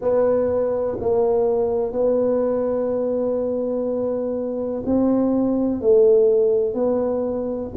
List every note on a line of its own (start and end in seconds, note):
0.01 0.98 B3
1.00 1.92 A#3
1.92 4.82 B3
4.85 5.81 C4
5.81 6.74 A3
6.74 7.71 B3